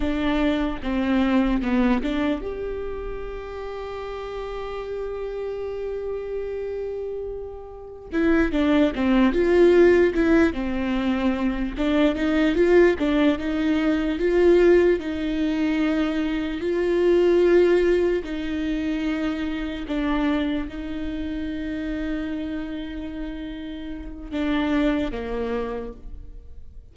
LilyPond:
\new Staff \with { instrumentName = "viola" } { \time 4/4 \tempo 4 = 74 d'4 c'4 b8 d'8 g'4~ | g'1~ | g'2 e'8 d'8 c'8 f'8~ | f'8 e'8 c'4. d'8 dis'8 f'8 |
d'8 dis'4 f'4 dis'4.~ | dis'8 f'2 dis'4.~ | dis'8 d'4 dis'2~ dis'8~ | dis'2 d'4 ais4 | }